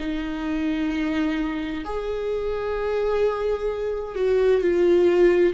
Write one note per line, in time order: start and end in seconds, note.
0.00 1.85 D#4
1.85 4.15 G#4
4.15 4.62 F#4
4.62 5.54 F4